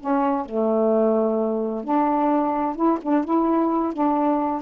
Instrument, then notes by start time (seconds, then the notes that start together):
saxophone
0.00 C#4
0.46 A3
1.84 D4
2.75 E4
3.02 D4
3.24 E4
3.93 D4